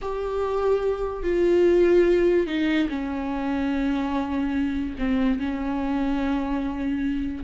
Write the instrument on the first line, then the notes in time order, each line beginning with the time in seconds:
viola
0.01 G4
1.23 F4
2.46 D#4
2.89 C#4
4.98 C4
5.39 C#4